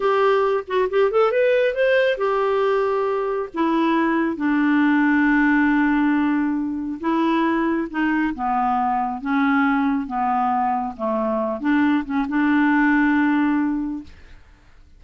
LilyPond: \new Staff \with { instrumentName = "clarinet" } { \time 4/4 \tempo 4 = 137 g'4. fis'8 g'8 a'8 b'4 | c''4 g'2. | e'2 d'2~ | d'1 |
e'2 dis'4 b4~ | b4 cis'2 b4~ | b4 a4. d'4 cis'8 | d'1 | }